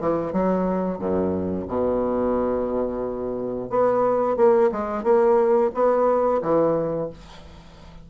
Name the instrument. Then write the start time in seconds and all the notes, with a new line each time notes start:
bassoon
0.00 E3
0.32 F#3
0.98 F#2
1.67 B2
3.69 B3
4.36 A#3
4.72 G#3
5.03 A#3
5.74 B3
6.42 E3